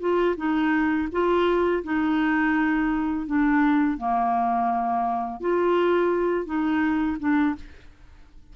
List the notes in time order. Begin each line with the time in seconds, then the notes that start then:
0.00 F4
0.37 D#4
1.12 F4
1.84 D#4
3.27 D4
3.98 A#3
5.40 F4
6.46 D#4
7.20 D4